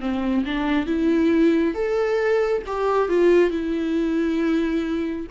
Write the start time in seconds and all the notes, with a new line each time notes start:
0.00 C4
0.45 D4
0.86 E4
1.74 A4
2.66 G4
3.08 F4
3.50 E4